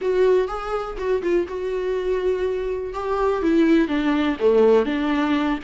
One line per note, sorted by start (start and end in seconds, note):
0.01 0.48 F#4
0.48 0.96 G#4
0.97 1.22 F#4
1.22 1.47 F4
1.47 2.93 F#4
2.93 3.42 G4
3.42 3.88 E4
3.88 4.37 D4
4.39 4.85 A3
4.85 5.59 D4